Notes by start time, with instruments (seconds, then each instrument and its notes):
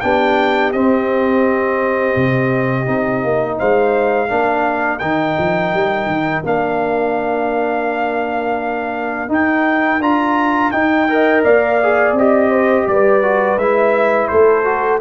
0.00 tuba B3, trombone D4, horn G4, trumpet G5
0.72 tuba C4, trombone C4, trumpet D#5
2.16 tuba C3
2.85 tuba C4, trombone D#4
3.24 tuba A#3
3.58 tuba G#3, horn C5, trumpet F5
4.28 tuba A#3, trombone D4, horn A#4
4.99 tuba D#3, trombone D#4, trumpet G5
5.38 tuba F3
5.73 tuba G3
6.06 tuba D#3
6.43 tuba A#3, trombone D4, trumpet F5
9.28 tuba D#4, trombone D#4, trumpet G5
9.99 tuba D4, trombone F4, trumpet A#5
10.71 tuba D#4, trombone D#4, trumpet G5
11.08 trombone A#4, horn D#5
11.44 tuba A#3, horn D5, trumpet F5
11.82 trombone G#4
12.12 tuba C4, trumpet D#5
12.18 trombone G4
12.50 horn C5
12.87 tuba G3, horn B4, trumpet D5
13.22 trombone F#4
13.56 tuba G#3, trombone E4, trumpet E5
14.27 tuba A3, horn A4, trumpet C5
14.64 trombone F#4